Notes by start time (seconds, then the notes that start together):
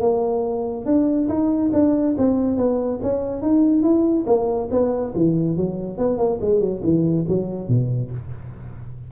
0.00 A#3
0.85 D4
1.28 D#4
1.73 D4
2.18 C4
2.57 B3
3.02 C#4
3.42 D#4
3.83 E4
4.26 A#3
4.71 B3
5.15 E3
5.56 F#3
5.98 B3
6.18 A#3
6.41 G#3
6.60 F#3
6.83 E3
7.28 F#3
7.68 B2